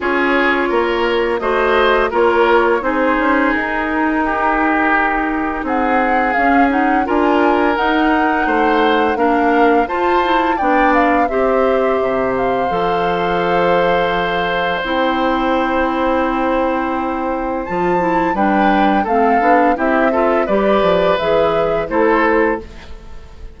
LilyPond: <<
  \new Staff \with { instrumentName = "flute" } { \time 4/4 \tempo 4 = 85 cis''2 dis''4 cis''4 | c''4 ais'2. | fis''4 f''8 fis''8 gis''4 fis''4~ | fis''4 f''4 a''4 g''8 f''8 |
e''4. f''2~ f''8~ | f''4 g''2.~ | g''4 a''4 g''4 f''4 | e''4 d''4 e''4 c''4 | }
  \new Staff \with { instrumentName = "oboe" } { \time 4/4 gis'4 ais'4 c''4 ais'4 | gis'2 g'2 | gis'2 ais'2 | c''4 ais'4 c''4 d''4 |
c''1~ | c''1~ | c''2 b'4 a'4 | g'8 a'8 b'2 a'4 | }
  \new Staff \with { instrumentName = "clarinet" } { \time 4/4 f'2 fis'4 f'4 | dis'1~ | dis'4 cis'8 dis'8 f'4 dis'4~ | dis'4 d'4 f'8 e'8 d'4 |
g'2 a'2~ | a'4 e'2.~ | e'4 f'8 e'8 d'4 c'8 d'8 | e'8 f'8 g'4 gis'4 e'4 | }
  \new Staff \with { instrumentName = "bassoon" } { \time 4/4 cis'4 ais4 a4 ais4 | c'8 cis'8 dis'2. | c'4 cis'4 d'4 dis'4 | a4 ais4 f'4 b4 |
c'4 c4 f2~ | f4 c'2.~ | c'4 f4 g4 a8 b8 | c'4 g8 f8 e4 a4 | }
>>